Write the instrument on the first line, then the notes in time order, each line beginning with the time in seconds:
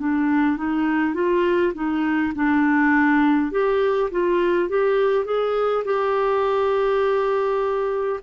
clarinet
0.00 D4
0.57 D#4
1.14 F4
1.74 D#4
2.35 D4
3.52 G4
4.11 F4
4.70 G4
5.25 G#4
5.85 G4